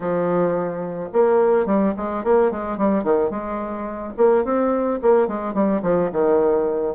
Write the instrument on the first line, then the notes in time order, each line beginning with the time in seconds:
bassoon
0.00 F3
1.12 A#3
1.65 G3
1.96 G#3
2.24 A#3
2.51 G#3
2.77 G3
3.03 D#3
3.30 G#3
4.17 A#3
4.44 C4
5.02 A#3
5.27 G#3
5.54 G3
5.82 F3
6.12 D#3